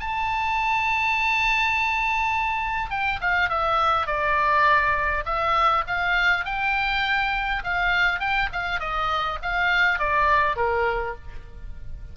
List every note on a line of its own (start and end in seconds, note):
0.00 2.91 A5
2.91 3.20 G5
3.21 3.49 F5
3.49 4.07 E5
4.07 5.25 D5
5.26 5.84 E5
5.87 6.45 F5
6.45 7.63 G5
7.64 8.20 F5
8.20 8.49 G5
8.53 8.80 F5
8.80 9.39 D#5
9.43 9.99 F5
9.99 10.56 D5
10.56 11.15 A#4